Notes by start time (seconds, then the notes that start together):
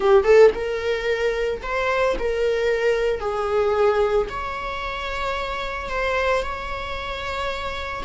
0.00 G4
0.24 A4
0.54 A#4
1.62 C5
2.18 A#4
3.20 G#4
4.29 C#5
5.89 C5
6.42 C#5